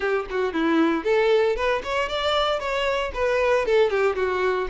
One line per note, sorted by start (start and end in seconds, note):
0.00 0.26 G4
0.30 0.53 F#4
0.53 1.03 E4
1.03 1.56 A4
1.56 1.82 B4
1.83 2.09 C#5
2.09 2.59 D5
2.59 3.11 C#5
3.14 3.65 B4
3.65 3.90 A4
3.90 4.15 G4
4.15 4.67 F#4